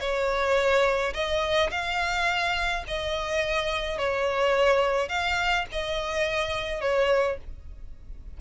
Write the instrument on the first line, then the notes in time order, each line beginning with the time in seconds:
violin
0.00 C#5
1.13 D#5
1.71 F5
2.87 D#5
3.98 C#5
5.08 F5
5.71 D#5
6.81 C#5